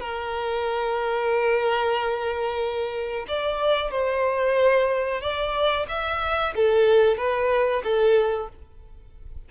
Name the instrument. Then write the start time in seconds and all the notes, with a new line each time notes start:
violin
0.00 A#4
3.28 D5
3.91 C5
5.21 D5
5.88 E5
6.56 A4
7.17 B4
7.83 A4